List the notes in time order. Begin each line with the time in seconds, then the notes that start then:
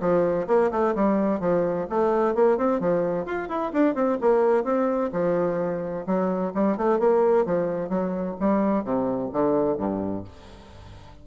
0.00 F3
0.47 A#3
0.71 A3
0.95 G3
1.40 F3
1.89 A3
2.34 A#3
2.57 C4
2.80 F3
3.25 F4
3.49 E4
3.73 D4
3.95 C4
4.20 A#3
4.64 C4
5.12 F3
6.06 F#3
6.54 G3
6.77 A3
6.99 A#3
7.45 F3
7.89 F#3
8.40 G3
8.84 C3
9.33 D3
9.78 G2